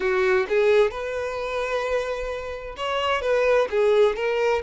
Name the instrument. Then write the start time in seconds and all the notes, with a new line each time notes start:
violin
0.00 F#4
0.48 G#4
0.91 B4
2.76 C#5
3.21 B4
3.70 G#4
4.15 A#4